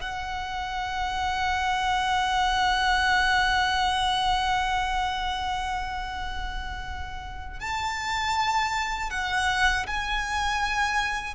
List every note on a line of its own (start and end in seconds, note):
0.00 7.59 F#5
7.59 9.10 A5
9.10 9.86 F#5
9.86 11.34 G#5